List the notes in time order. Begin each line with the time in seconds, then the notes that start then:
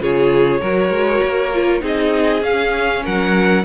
0.00 C#3 F4 G#4 C#5
0.60 F#3 F#4 A#4
0.90 G#3
1.23 A#3
1.53 F4
1.80 C4 D#4 G#4 D#5
2.42 C#4 F5
3.03 F#3 A#4 F#5